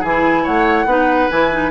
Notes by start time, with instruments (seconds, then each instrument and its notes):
0.00 bassoon E3, clarinet E4, oboe G#4, flute G#5
0.43 bassoon A3, oboe C#5, flute F#5
0.86 bassoon B3, clarinet D#4, oboe B4
1.31 bassoon E3, clarinet E4, flute G#5
1.52 clarinet D#4